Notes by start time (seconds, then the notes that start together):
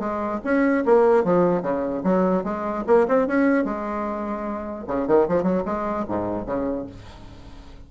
0.00 G#3
0.44 C#4
0.86 A#3
1.25 F3
1.63 C#3
2.04 F#3
2.44 G#3
2.87 A#3
3.09 C4
3.28 C#4
3.65 G#3
4.88 C#3
5.08 D#3
5.29 F3
5.43 F#3
5.66 G#3
6.09 G#2
6.46 C#3